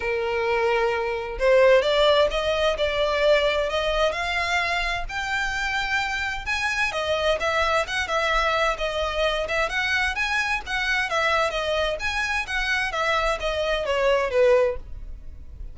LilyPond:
\new Staff \with { instrumentName = "violin" } { \time 4/4 \tempo 4 = 130 ais'2. c''4 | d''4 dis''4 d''2 | dis''4 f''2 g''4~ | g''2 gis''4 dis''4 |
e''4 fis''8 e''4. dis''4~ | dis''8 e''8 fis''4 gis''4 fis''4 | e''4 dis''4 gis''4 fis''4 | e''4 dis''4 cis''4 b'4 | }